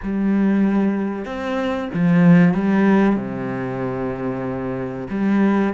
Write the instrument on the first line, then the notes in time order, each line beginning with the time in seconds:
cello
0.02 G3
1.25 C4
1.94 F3
2.54 G3
3.16 C3
5.09 G3